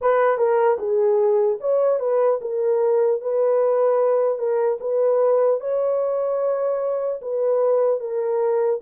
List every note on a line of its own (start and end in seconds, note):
0.01 0.37 B4
0.37 0.77 A#4
0.78 1.58 G#4
1.60 1.99 C#5
1.99 2.39 B4
2.41 3.21 A#4
3.21 4.38 B4
4.38 4.78 A#4
4.80 5.60 B4
5.60 7.20 C#5
7.21 8.00 B4
8.00 8.80 A#4